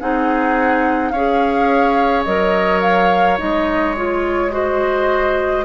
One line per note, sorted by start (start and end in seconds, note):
0.00 1.12 C4
0.00 1.14 D#4
0.00 1.12 G#4
0.00 1.10 F#5
1.10 2.25 C#4
1.10 2.27 G#4
1.10 4.52 C#5
1.10 2.23 F5
2.24 3.39 F#3
2.24 3.38 A#4
2.24 2.81 D#5
2.81 3.38 F5
3.38 5.65 G#3
3.38 3.95 D#4
3.38 3.96 D#5
3.96 4.50 F4
3.96 4.53 C#5
4.50 5.64 F#4
4.50 5.65 C5
4.50 5.65 D#5